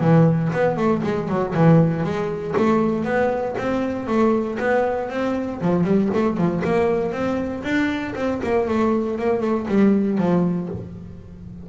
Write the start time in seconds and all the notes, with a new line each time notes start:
0.00 E3
0.52 B3
0.76 A3
1.03 G#3
1.28 F#3
1.54 E3
2.03 G#3
2.56 A3
3.04 B3
3.58 C4
4.07 A3
4.59 B3
5.09 C4
5.61 F3
5.84 G3
6.14 A3
6.37 F3
6.64 A#3
7.12 C4
7.63 D4
8.15 C4
8.43 A#3
8.67 A3
9.18 A#3
9.40 A3
9.67 G3
10.18 F3